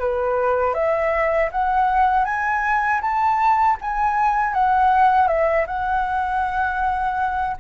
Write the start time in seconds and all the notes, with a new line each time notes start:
0.00 B4
0.74 E5
1.52 F#5
2.25 G#5
3.01 A5
3.81 G#5
4.54 F#5
5.28 E5
5.67 F#5